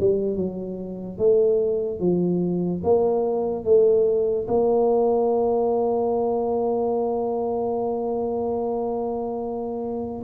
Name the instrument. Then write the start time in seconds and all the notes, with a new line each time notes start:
tuba
0.00 G3
0.36 F#3
1.18 A3
2.00 F3
2.84 A#3
3.65 A3
4.48 A#3